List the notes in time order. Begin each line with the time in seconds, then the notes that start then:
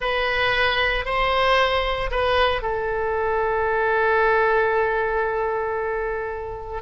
0.00 B4
1.05 C5
2.11 B4
2.61 A4